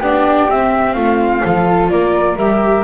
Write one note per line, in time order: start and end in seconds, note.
0.00 0.48 B3
0.00 0.50 D4
0.00 0.94 G4
0.00 0.51 D5
0.50 0.95 C4
0.50 1.42 C4
0.50 0.94 E5
0.94 1.42 A3
0.94 1.43 F4
0.94 1.88 F5
1.42 1.90 F3
1.42 2.37 F4
1.42 1.91 A4
1.90 2.36 A#3
1.90 2.84 A#4
1.90 2.37 D5
2.36 2.84 G3
2.36 2.84 G4
2.36 2.84 E5